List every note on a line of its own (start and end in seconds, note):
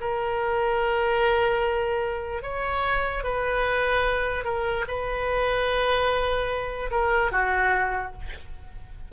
0.00 2.43 A#4
2.43 3.24 C#5
3.24 4.44 B4
4.44 4.85 A#4
4.87 6.90 B4
6.91 7.31 A#4
7.31 8.12 F#4